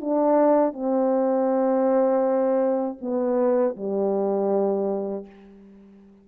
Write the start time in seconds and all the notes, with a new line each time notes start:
0.00 D4
0.73 C4
3.00 B3
3.76 G3